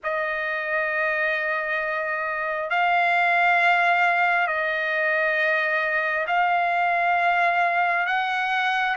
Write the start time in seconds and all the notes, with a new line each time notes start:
0.03 D#5
2.69 F5
4.47 D#5
6.27 F5
8.06 F#5